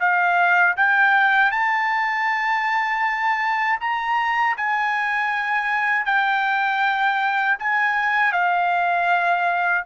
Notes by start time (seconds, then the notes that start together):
0.00 F5
0.77 G5
1.52 A5
3.80 A#5
4.57 G#5
6.05 G5
7.59 G#5
8.32 F5